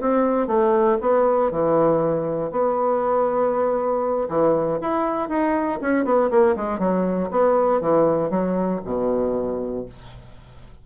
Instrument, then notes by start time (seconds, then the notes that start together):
bassoon
0.00 C4
0.47 A3
1.01 B3
1.51 E3
2.51 B3
4.28 E3
4.81 E4
5.28 D#4
5.81 C#4
6.04 B3
6.30 A#3
6.56 G#3
6.78 F#3
7.30 B3
7.80 E3
8.30 F#3
8.84 B2